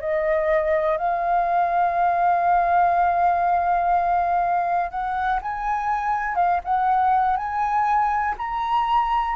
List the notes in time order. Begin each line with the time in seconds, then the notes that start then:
0.00 D#5
0.97 F5
4.90 F#5
5.41 G#5
6.35 F5
6.64 F#5
7.37 G#5
8.38 A#5